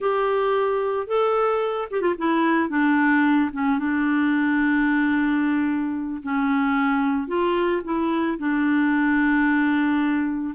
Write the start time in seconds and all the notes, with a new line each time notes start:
0.00 G4
1.07 A4
1.90 G4
2.01 F4
2.18 E4
2.69 D4
3.52 C#4
3.78 D4
6.23 C#4
7.27 F4
7.84 E4
8.38 D4